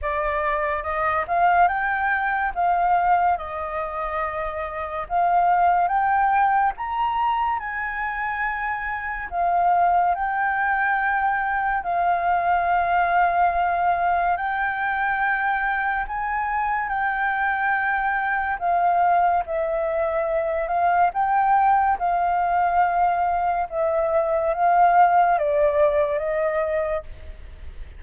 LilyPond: \new Staff \with { instrumentName = "flute" } { \time 4/4 \tempo 4 = 71 d''4 dis''8 f''8 g''4 f''4 | dis''2 f''4 g''4 | ais''4 gis''2 f''4 | g''2 f''2~ |
f''4 g''2 gis''4 | g''2 f''4 e''4~ | e''8 f''8 g''4 f''2 | e''4 f''4 d''4 dis''4 | }